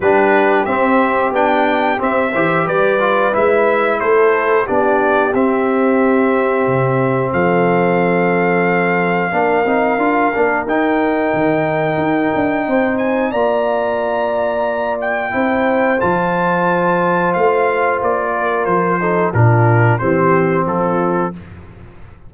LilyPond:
<<
  \new Staff \with { instrumentName = "trumpet" } { \time 4/4 \tempo 4 = 90 b'4 e''4 g''4 e''4 | d''4 e''4 c''4 d''4 | e''2. f''4~ | f''1 |
g''2.~ g''8 gis''8 | ais''2~ ais''8 g''4. | a''2 f''4 d''4 | c''4 ais'4 c''4 a'4 | }
  \new Staff \with { instrumentName = "horn" } { \time 4/4 g'2.~ g'8 c''8 | b'2 a'4 g'4~ | g'2. a'4~ | a'2 ais'2~ |
ais'2. c''4 | d''2. c''4~ | c''2.~ c''8 ais'8~ | ais'8 a'8 f'4 g'4 f'4 | }
  \new Staff \with { instrumentName = "trombone" } { \time 4/4 d'4 c'4 d'4 c'8 g'8~ | g'8 f'8 e'2 d'4 | c'1~ | c'2 d'8 dis'8 f'8 d'8 |
dis'1 | f'2. e'4 | f'1~ | f'8 dis'8 d'4 c'2 | }
  \new Staff \with { instrumentName = "tuba" } { \time 4/4 g4 c'4 b4 c'8 e8 | g4 gis4 a4 b4 | c'2 c4 f4~ | f2 ais8 c'8 d'8 ais8 |
dis'4 dis4 dis'8 d'8 c'4 | ais2. c'4 | f2 a4 ais4 | f4 ais,4 e4 f4 | }
>>